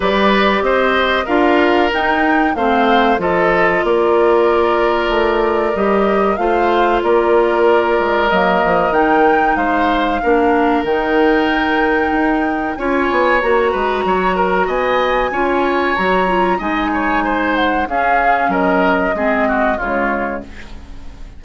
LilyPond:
<<
  \new Staff \with { instrumentName = "flute" } { \time 4/4 \tempo 4 = 94 d''4 dis''4 f''4 g''4 | f''4 dis''4 d''2~ | d''4 dis''4 f''4 d''4~ | d''4 dis''4 g''4 f''4~ |
f''4 g''2. | gis''4 ais''2 gis''4~ | gis''4 ais''4 gis''4. fis''8 | f''4 dis''2 cis''4 | }
  \new Staff \with { instrumentName = "oboe" } { \time 4/4 b'4 c''4 ais'2 | c''4 a'4 ais'2~ | ais'2 c''4 ais'4~ | ais'2. c''4 |
ais'1 | cis''4. b'8 cis''8 ais'8 dis''4 | cis''2 dis''8 cis''8 c''4 | gis'4 ais'4 gis'8 fis'8 f'4 | }
  \new Staff \with { instrumentName = "clarinet" } { \time 4/4 g'2 f'4 dis'4 | c'4 f'2.~ | f'4 g'4 f'2~ | f'4 ais4 dis'2 |
d'4 dis'2. | f'4 fis'2. | f'4 fis'8 f'8 dis'2 | cis'2 c'4 gis4 | }
  \new Staff \with { instrumentName = "bassoon" } { \time 4/4 g4 c'4 d'4 dis'4 | a4 f4 ais2 | a4 g4 a4 ais4~ | ais8 gis8 fis8 f8 dis4 gis4 |
ais4 dis2 dis'4 | cis'8 b8 ais8 gis8 fis4 b4 | cis'4 fis4 gis2 | cis'4 fis4 gis4 cis4 | }
>>